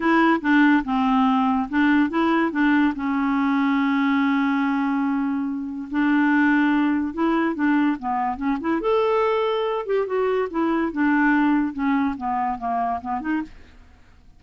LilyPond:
\new Staff \with { instrumentName = "clarinet" } { \time 4/4 \tempo 4 = 143 e'4 d'4 c'2 | d'4 e'4 d'4 cis'4~ | cis'1~ | cis'2 d'2~ |
d'4 e'4 d'4 b4 | cis'8 e'8 a'2~ a'8 g'8 | fis'4 e'4 d'2 | cis'4 b4 ais4 b8 dis'8 | }